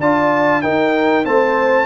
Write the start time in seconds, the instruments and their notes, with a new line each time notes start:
0.00 tuba D4, trombone F4, horn D5, trumpet A5
0.61 trombone D#4, tuba D#4, horn A#4, trumpet G5
1.24 tuba A3, trombone C4, horn C5, trumpet A5